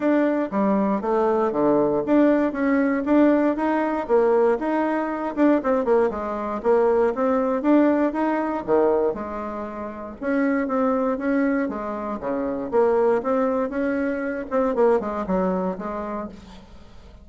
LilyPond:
\new Staff \with { instrumentName = "bassoon" } { \time 4/4 \tempo 4 = 118 d'4 g4 a4 d4 | d'4 cis'4 d'4 dis'4 | ais4 dis'4. d'8 c'8 ais8 | gis4 ais4 c'4 d'4 |
dis'4 dis4 gis2 | cis'4 c'4 cis'4 gis4 | cis4 ais4 c'4 cis'4~ | cis'8 c'8 ais8 gis8 fis4 gis4 | }